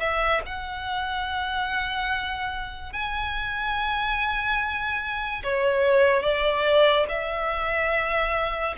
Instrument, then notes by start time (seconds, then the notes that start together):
violin
0.00 E5
0.46 F#5
2.93 G#5
5.44 C#5
6.23 D5
7.09 E5